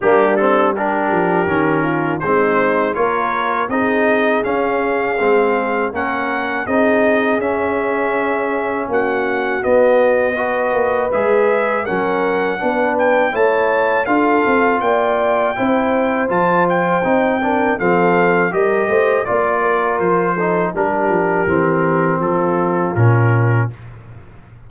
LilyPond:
<<
  \new Staff \with { instrumentName = "trumpet" } { \time 4/4 \tempo 4 = 81 g'8 a'8 ais'2 c''4 | cis''4 dis''4 f''2 | fis''4 dis''4 e''2 | fis''4 dis''2 e''4 |
fis''4. g''8 a''4 f''4 | g''2 a''8 g''4. | f''4 dis''4 d''4 c''4 | ais'2 a'4 ais'4 | }
  \new Staff \with { instrumentName = "horn" } { \time 4/4 d'4 g'4. f'8 dis'4 | ais'4 gis'2. | ais'4 gis'2. | fis'2 b'2 |
ais'4 b'4 cis''4 a'4 | d''4 c''2~ c''8 ais'8 | a'4 ais'8 c''8 d''8 ais'4 a'8 | g'2 f'2 | }
  \new Staff \with { instrumentName = "trombone" } { \time 4/4 ais8 c'8 d'4 cis'4 c'4 | f'4 dis'4 cis'4 c'4 | cis'4 dis'4 cis'2~ | cis'4 b4 fis'4 gis'4 |
cis'4 d'4 e'4 f'4~ | f'4 e'4 f'4 dis'8 d'8 | c'4 g'4 f'4. dis'8 | d'4 c'2 cis'4 | }
  \new Staff \with { instrumentName = "tuba" } { \time 4/4 g4. f8 dis4 gis4 | ais4 c'4 cis'4 gis4 | ais4 c'4 cis'2 | ais4 b4. ais8 gis4 |
fis4 b4 a4 d'8 c'8 | ais4 c'4 f4 c'4 | f4 g8 a8 ais4 f4 | g8 f8 e4 f4 ais,4 | }
>>